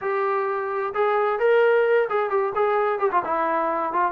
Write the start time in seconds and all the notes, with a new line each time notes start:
0.01 G4
0.94 G#4
1.39 A#4
2.09 G#4
2.30 G4
2.55 G#4
2.99 G4
3.11 F4
3.24 E4
3.93 F4